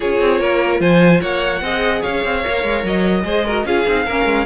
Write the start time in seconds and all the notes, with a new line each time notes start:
0.00 C#4 F4 G#4 C#5
0.20 C4
0.40 A#3 A#4
0.79 F3 C5 G#5
1.21 A#3 C#5 F#5
1.61 C4 G#4 D#5
2.01 C#4 C#5 F5
2.24 C4
2.43 A#3 A#4
2.63 G#3
2.83 F#3 D#5
3.23 G#3 G#4 C5
3.45 F#4 A#4
3.65 C#4 F4 G#4 F5
3.87 C4 D#4
4.05 A#3 C#4 A#4
4.25 G#3